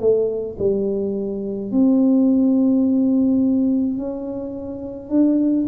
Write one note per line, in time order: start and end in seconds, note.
0.00 0.57 A3
0.59 1.71 G3
1.71 3.98 C4
3.98 5.09 C#4
5.09 5.66 D4